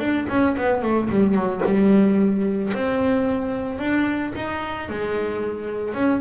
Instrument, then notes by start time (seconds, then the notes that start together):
double bass
0.00 D4
0.29 C#4
0.57 B3
0.83 A3
1.10 G3
1.35 F#3
1.65 G3
2.74 C4
3.79 D4
4.36 D#4
4.89 G#3
5.95 C#4